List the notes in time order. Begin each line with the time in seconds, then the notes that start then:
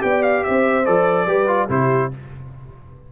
0.00 B3 G4 D5 G5
0.23 F5
0.44 C4 C5 E5
0.86 F3 A4 D5
1.27 G3 G4 B4
1.48 F4
1.69 C3 E4 G4 C5